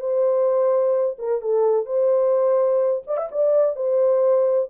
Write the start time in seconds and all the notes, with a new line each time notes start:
0.00 C5
1.19 A#4
1.41 A4
1.86 C5
3.07 D5
3.17 E5
3.32 D5
3.76 C5